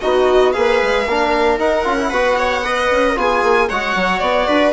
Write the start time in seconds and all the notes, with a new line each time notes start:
0.00 B3 D#4 F#4 D#5
0.52 A#3 G#4 B4 F5
0.82 G#3
1.06 A#3 D4 A#4
1.58 D#4 F#5
1.84 C#4 F4
1.98 E4
2.10 B3 F#4 B4
2.38 C#5
2.63 B4 D#5
2.91 C#4
3.15 B3 F4 G#4 G#5
3.43 A#3
3.69 G#3 F#4 C#5 F#5
3.95 F#3
4.19 B3 D5
4.47 D4 B4